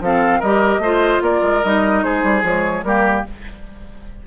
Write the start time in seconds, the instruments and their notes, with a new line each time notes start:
0.00 bassoon F3, clarinet C4, oboe A4, flute F5
0.39 bassoon G3, clarinet G4, oboe A#4, flute D#5
0.78 bassoon A3, clarinet F4, oboe C5
1.22 bassoon A#3, oboe A#4, flute D5
1.42 bassoon G#3
1.63 bassoon G3, clarinet D#4, flute D#5
2.03 bassoon G#3, oboe G#4, flute C5
2.23 bassoon G3
2.43 bassoon F3, clarinet G#3, flute C#5
2.83 bassoon G3, clarinet A#3, oboe G4, flute A#4